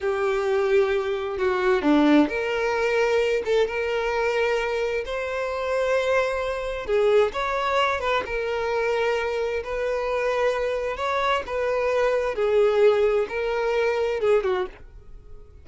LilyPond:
\new Staff \with { instrumentName = "violin" } { \time 4/4 \tempo 4 = 131 g'2. fis'4 | d'4 ais'2~ ais'8 a'8 | ais'2. c''4~ | c''2. gis'4 |
cis''4. b'8 ais'2~ | ais'4 b'2. | cis''4 b'2 gis'4~ | gis'4 ais'2 gis'8 fis'8 | }